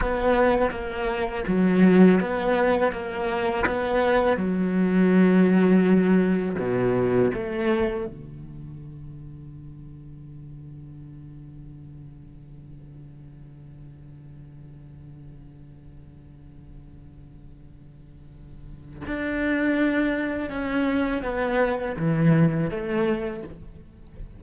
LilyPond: \new Staff \with { instrumentName = "cello" } { \time 4/4 \tempo 4 = 82 b4 ais4 fis4 b4 | ais4 b4 fis2~ | fis4 b,4 a4 d4~ | d1~ |
d1~ | d1~ | d2 d'2 | cis'4 b4 e4 a4 | }